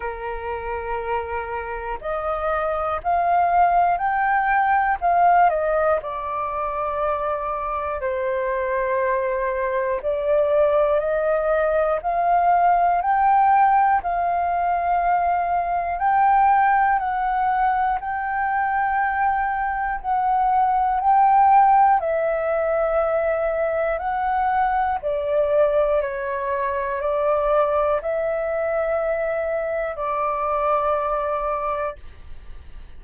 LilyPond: \new Staff \with { instrumentName = "flute" } { \time 4/4 \tempo 4 = 60 ais'2 dis''4 f''4 | g''4 f''8 dis''8 d''2 | c''2 d''4 dis''4 | f''4 g''4 f''2 |
g''4 fis''4 g''2 | fis''4 g''4 e''2 | fis''4 d''4 cis''4 d''4 | e''2 d''2 | }